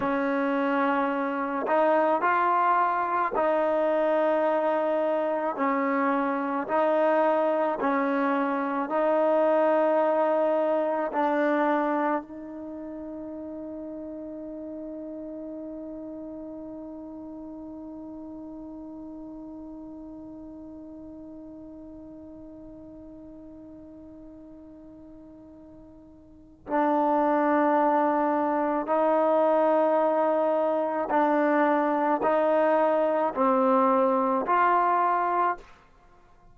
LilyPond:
\new Staff \with { instrumentName = "trombone" } { \time 4/4 \tempo 4 = 54 cis'4. dis'8 f'4 dis'4~ | dis'4 cis'4 dis'4 cis'4 | dis'2 d'4 dis'4~ | dis'1~ |
dis'1~ | dis'1 | d'2 dis'2 | d'4 dis'4 c'4 f'4 | }